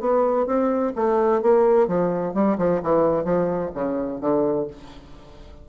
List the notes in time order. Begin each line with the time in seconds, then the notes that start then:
0.00 B3
0.46 C4
0.96 A3
1.42 A#3
1.88 F3
2.34 G3
2.58 F3
2.83 E3
3.25 F3
3.74 C#3
4.21 D3